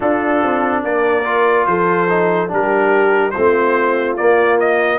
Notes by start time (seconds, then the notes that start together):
0.00 D4 F4 A4
0.43 C4
0.84 A#3 A#4 D5
1.24 F4
1.66 F3 A4 C5
2.08 D#4
2.48 G3 D4 G4 A#4
3.31 F4 C5
3.37 A3 C4
4.16 A#3 D5
4.59 D#5